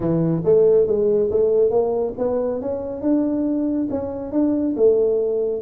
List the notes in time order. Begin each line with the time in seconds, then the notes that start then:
0.00 E3
0.44 A3
0.87 G#3
1.30 A3
1.70 A#3
2.17 B3
2.61 C#4
3.01 D4
3.90 C#4
4.32 D4
4.76 A3